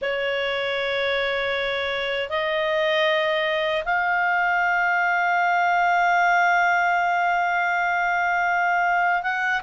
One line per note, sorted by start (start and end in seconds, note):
0.01 2.29 C#5
2.29 3.83 D#5
3.85 9.22 F5
9.22 9.61 F#5